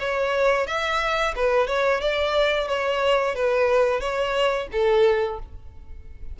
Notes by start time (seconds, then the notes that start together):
0.00 C#5
0.67 E5
1.36 B4
1.68 C#5
2.01 D5
2.68 C#5
3.36 B4
4.01 C#5
4.72 A4